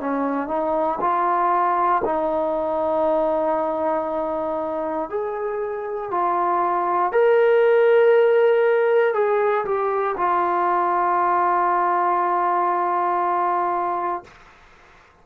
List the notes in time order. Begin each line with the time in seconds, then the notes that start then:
0.00 C#4
0.48 D#4
1.01 F4
2.05 D#4
5.09 G#4
6.11 F4
7.12 A#4
9.14 G#4
9.65 G4
10.17 F4